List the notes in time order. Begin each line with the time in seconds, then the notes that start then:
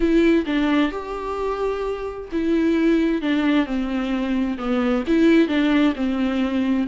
0.00 E4
0.46 D4
0.91 G4
2.32 E4
3.21 D4
3.66 C4
4.57 B3
5.07 E4
5.48 D4
5.95 C4